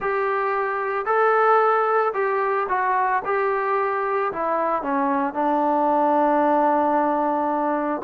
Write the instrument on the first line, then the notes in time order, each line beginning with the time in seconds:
trombone
0.00 G4
1.05 A4
2.13 G4
2.68 F#4
3.24 G4
4.32 E4
4.82 C#4
5.33 D4